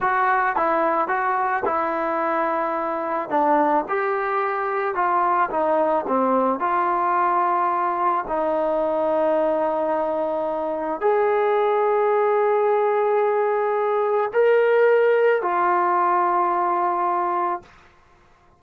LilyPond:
\new Staff \with { instrumentName = "trombone" } { \time 4/4 \tempo 4 = 109 fis'4 e'4 fis'4 e'4~ | e'2 d'4 g'4~ | g'4 f'4 dis'4 c'4 | f'2. dis'4~ |
dis'1 | gis'1~ | gis'2 ais'2 | f'1 | }